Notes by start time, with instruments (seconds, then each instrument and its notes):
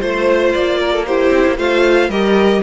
0.00 cello A3, viola F4, violin C5
0.53 cello A#3, violin D5
0.80 violin A#4
0.93 violin A4
1.05 viola E4, violin G4 C5
1.30 cello C4
1.47 cello A#3
1.57 cello A3, viola F4, violin C5 F5
2.09 cello G3, viola G4, violin A#4 D#5